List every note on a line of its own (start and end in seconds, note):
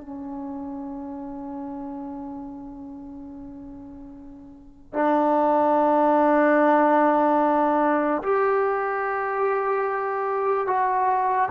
0.00 4.93 C#4
4.93 8.22 D4
8.22 10.67 G4
10.67 11.49 F#4